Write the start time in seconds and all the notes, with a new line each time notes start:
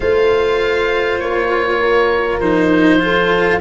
0.00 A3 F4 C5 F5
1.19 A#3 C#5
1.79 A#4
2.39 F3 D#4 C5
2.99 F4 A4